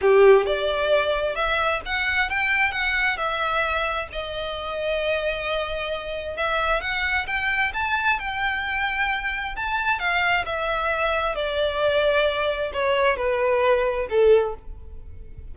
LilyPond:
\new Staff \with { instrumentName = "violin" } { \time 4/4 \tempo 4 = 132 g'4 d''2 e''4 | fis''4 g''4 fis''4 e''4~ | e''4 dis''2.~ | dis''2 e''4 fis''4 |
g''4 a''4 g''2~ | g''4 a''4 f''4 e''4~ | e''4 d''2. | cis''4 b'2 a'4 | }